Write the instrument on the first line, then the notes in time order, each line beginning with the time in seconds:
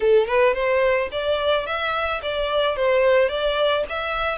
violin
0.00 A4
0.27 B4
0.54 C5
1.11 D5
1.66 E5
2.22 D5
2.76 C5
3.29 D5
3.89 E5